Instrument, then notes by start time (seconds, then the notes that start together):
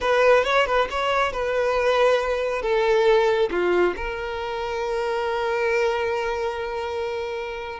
violin
0.00 B4
0.44 C#5
0.66 B4
0.90 C#5
1.32 B4
2.62 A4
3.50 F4
3.96 A#4